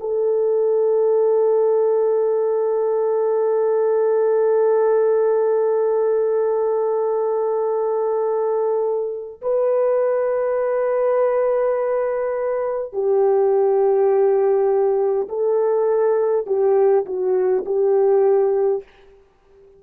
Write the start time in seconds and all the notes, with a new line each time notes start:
0.00 A4
9.42 B4
12.93 G4
15.29 A4
16.47 G4
17.06 F#4
17.66 G4